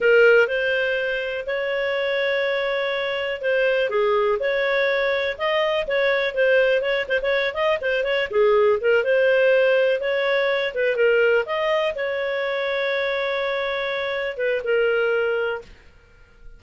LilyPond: \new Staff \with { instrumentName = "clarinet" } { \time 4/4 \tempo 4 = 123 ais'4 c''2 cis''4~ | cis''2. c''4 | gis'4 cis''2 dis''4 | cis''4 c''4 cis''8 c''16 cis''8. dis''8 |
c''8 cis''8 gis'4 ais'8 c''4.~ | c''8 cis''4. b'8 ais'4 dis''8~ | dis''8 cis''2.~ cis''8~ | cis''4. b'8 ais'2 | }